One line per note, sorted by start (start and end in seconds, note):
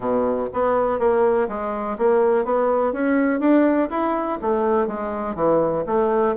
0.00 0.48 B2
0.53 0.99 B3
0.99 1.48 A#3
1.48 1.97 G#3
1.98 2.44 A#3
2.44 2.92 B3
2.92 3.40 C#4
3.40 3.88 D4
3.90 4.38 E4
4.41 4.87 A3
4.87 5.35 G#3
5.35 5.84 E3
5.86 6.35 A3